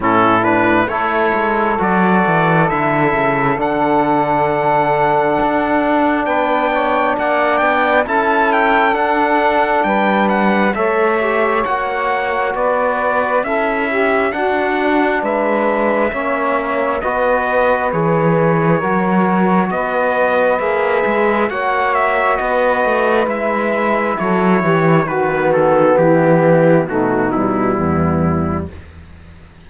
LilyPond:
<<
  \new Staff \with { instrumentName = "trumpet" } { \time 4/4 \tempo 4 = 67 a'8 b'8 cis''4 d''4 e''4 | fis''2. g''4 | fis''8 g''8 a''8 g''8 fis''4 g''8 fis''8 | e''4 fis''4 d''4 e''4 |
fis''4 e''2 dis''4 | cis''2 dis''4 e''4 | fis''8 e''8 dis''4 e''4 cis''4 | b'8 a'8 g'4 fis'8 e'4. | }
  \new Staff \with { instrumentName = "saxophone" } { \time 4/4 e'4 a'2.~ | a'2. b'8 cis''8 | d''4 a'2 b'4 | cis''2 b'4 a'8 g'8 |
fis'4 b'4 cis''4 b'4~ | b'4 ais'4 b'2 | cis''4 b'2 a'8 g'8 | fis'4 e'4 dis'4 b4 | }
  \new Staff \with { instrumentName = "trombone" } { \time 4/4 cis'8 d'8 e'4 fis'4 e'4 | d'1~ | d'4 e'4 d'2 | a'8 g'8 fis'2 e'4 |
d'2 cis'4 fis'4 | gis'4 fis'2 gis'4 | fis'2 e'2 | fis'16 b4.~ b16 a8 g4. | }
  \new Staff \with { instrumentName = "cello" } { \time 4/4 a,4 a8 gis8 fis8 e8 d8 cis8 | d2 d'4 b4 | ais8 b8 cis'4 d'4 g4 | a4 ais4 b4 cis'4 |
d'4 gis4 ais4 b4 | e4 fis4 b4 ais8 gis8 | ais4 b8 a8 gis4 fis8 e8 | dis4 e4 b,4 e,4 | }
>>